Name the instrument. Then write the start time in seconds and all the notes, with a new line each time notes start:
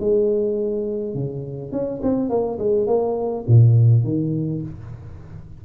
tuba
0.00 G#3
1.14 C#3
1.72 C#4
2.03 C4
2.29 A#3
2.59 G#3
2.87 A#3
3.47 A#2
4.04 D#3